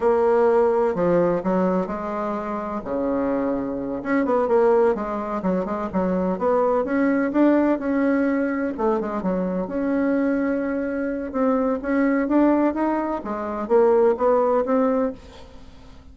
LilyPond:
\new Staff \with { instrumentName = "bassoon" } { \time 4/4 \tempo 4 = 127 ais2 f4 fis4 | gis2 cis2~ | cis8 cis'8 b8 ais4 gis4 fis8 | gis8 fis4 b4 cis'4 d'8~ |
d'8 cis'2 a8 gis8 fis8~ | fis8 cis'2.~ cis'8 | c'4 cis'4 d'4 dis'4 | gis4 ais4 b4 c'4 | }